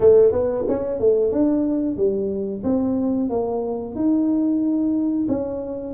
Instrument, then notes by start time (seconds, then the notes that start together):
tuba
0.00 A3
0.31 B3
0.67 C#4
0.99 A3
1.32 D4
1.96 G3
2.63 C4
3.29 A#3
3.95 D#4
5.28 C#4